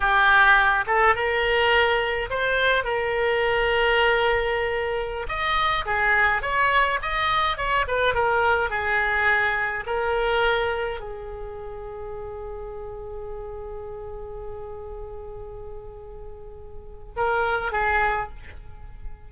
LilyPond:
\new Staff \with { instrumentName = "oboe" } { \time 4/4 \tempo 4 = 105 g'4. a'8 ais'2 | c''4 ais'2.~ | ais'4~ ais'16 dis''4 gis'4 cis''8.~ | cis''16 dis''4 cis''8 b'8 ais'4 gis'8.~ |
gis'4~ gis'16 ais'2 gis'8.~ | gis'1~ | gis'1~ | gis'2 ais'4 gis'4 | }